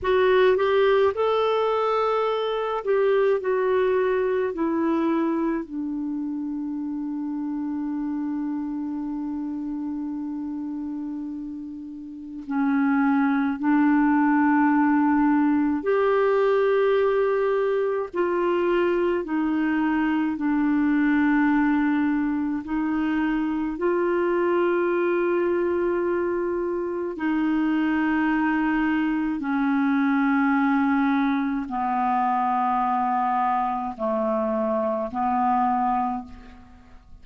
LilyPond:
\new Staff \with { instrumentName = "clarinet" } { \time 4/4 \tempo 4 = 53 fis'8 g'8 a'4. g'8 fis'4 | e'4 d'2.~ | d'2. cis'4 | d'2 g'2 |
f'4 dis'4 d'2 | dis'4 f'2. | dis'2 cis'2 | b2 a4 b4 | }